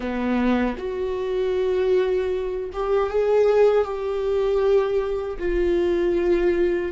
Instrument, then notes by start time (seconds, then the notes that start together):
viola
0.00 B3
0.77 F#4
2.72 G4
3.09 G#4
3.84 G4
5.38 F4